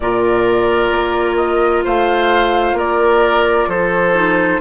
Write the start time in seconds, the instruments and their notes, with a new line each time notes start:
0.00 bassoon A#2, clarinet F4, oboe A#4, flute D5
0.91 bassoon A#3
1.36 flute D#5
1.84 bassoon A3, oboe C5, flute F5
2.73 bassoon A#3, oboe A#4, flute D5
3.67 bassoon F3, oboe A4, flute C5
4.14 clarinet D#4